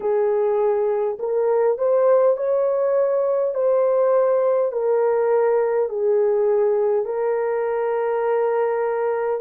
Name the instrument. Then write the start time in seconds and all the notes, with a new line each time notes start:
horn
0.00 G#4
1.19 A#4
1.78 C5
2.36 C#5
3.54 C5
4.72 A#4
5.89 G#4
7.05 A#4